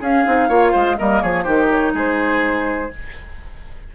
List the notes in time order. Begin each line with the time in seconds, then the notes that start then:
0.00 C#4 G#4 F5
0.25 C4 D#4
0.48 A#3 F4 C#5
0.71 G#3 C5
0.96 G3 A#3 A#4 D#5
1.21 F3 G#4 C#5
1.42 D#3 D#4 G4 C5
1.70 C#5
1.93 G#3 G#4 C5